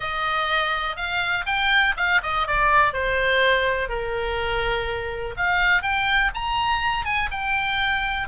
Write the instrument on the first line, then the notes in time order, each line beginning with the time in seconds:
oboe
0.00 D#5
0.96 F5
1.46 G5
1.96 F5
2.22 D#5
2.47 D5
2.93 C5
3.88 A#4
5.37 F5
5.82 G5
6.34 A#5
7.05 G#5
7.31 G5